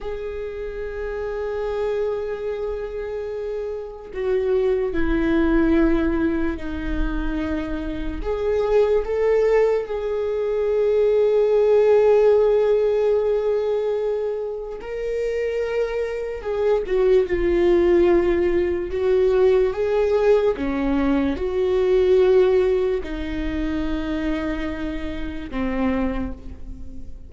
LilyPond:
\new Staff \with { instrumentName = "viola" } { \time 4/4 \tempo 4 = 73 gis'1~ | gis'4 fis'4 e'2 | dis'2 gis'4 a'4 | gis'1~ |
gis'2 ais'2 | gis'8 fis'8 f'2 fis'4 | gis'4 cis'4 fis'2 | dis'2. c'4 | }